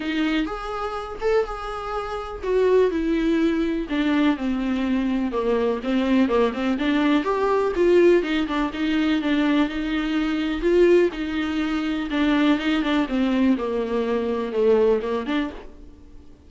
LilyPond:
\new Staff \with { instrumentName = "viola" } { \time 4/4 \tempo 4 = 124 dis'4 gis'4. a'8 gis'4~ | gis'4 fis'4 e'2 | d'4 c'2 ais4 | c'4 ais8 c'8 d'4 g'4 |
f'4 dis'8 d'8 dis'4 d'4 | dis'2 f'4 dis'4~ | dis'4 d'4 dis'8 d'8 c'4 | ais2 a4 ais8 d'8 | }